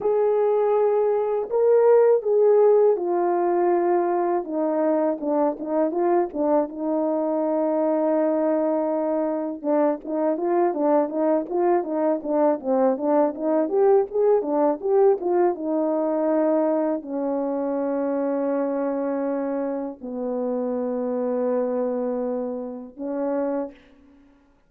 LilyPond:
\new Staff \with { instrumentName = "horn" } { \time 4/4 \tempo 4 = 81 gis'2 ais'4 gis'4 | f'2 dis'4 d'8 dis'8 | f'8 d'8 dis'2.~ | dis'4 d'8 dis'8 f'8 d'8 dis'8 f'8 |
dis'8 d'8 c'8 d'8 dis'8 g'8 gis'8 d'8 | g'8 f'8 dis'2 cis'4~ | cis'2. b4~ | b2. cis'4 | }